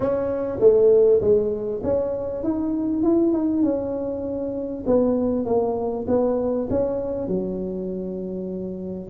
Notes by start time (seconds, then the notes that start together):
0.00 C#4
0.60 A3
1.21 G#3
1.83 C#4
2.43 D#4
3.03 E4
3.32 D#4
3.63 C#4
4.86 B3
5.45 A#3
6.07 B3
6.70 C#4
7.27 F#3